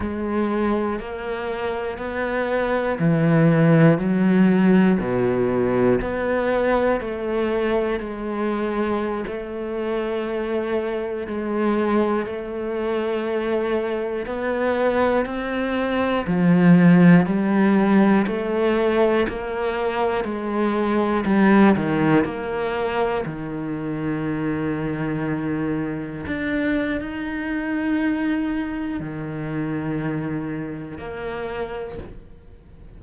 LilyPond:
\new Staff \with { instrumentName = "cello" } { \time 4/4 \tempo 4 = 60 gis4 ais4 b4 e4 | fis4 b,4 b4 a4 | gis4~ gis16 a2 gis8.~ | gis16 a2 b4 c'8.~ |
c'16 f4 g4 a4 ais8.~ | ais16 gis4 g8 dis8 ais4 dis8.~ | dis2~ dis16 d'8. dis'4~ | dis'4 dis2 ais4 | }